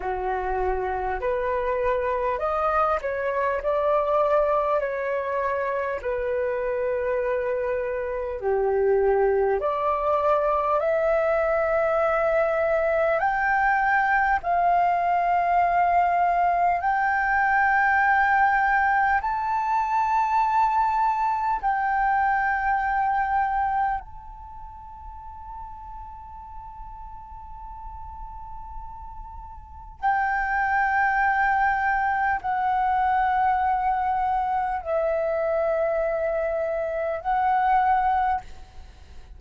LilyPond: \new Staff \with { instrumentName = "flute" } { \time 4/4 \tempo 4 = 50 fis'4 b'4 dis''8 cis''8 d''4 | cis''4 b'2 g'4 | d''4 e''2 g''4 | f''2 g''2 |
a''2 g''2 | a''1~ | a''4 g''2 fis''4~ | fis''4 e''2 fis''4 | }